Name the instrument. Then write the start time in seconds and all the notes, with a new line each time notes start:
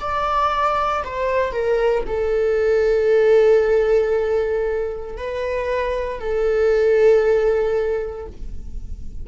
viola
0.00 D5
1.04 C5
1.52 A#4
2.07 A4
5.18 B4
6.20 A4